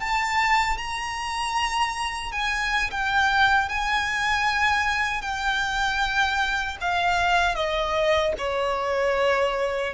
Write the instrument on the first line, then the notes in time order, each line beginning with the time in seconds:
violin
0.00 A5
0.78 A#5
2.32 G#5
2.91 G5
3.69 G#5
5.21 G5
6.81 F5
7.55 D#5
8.38 C#5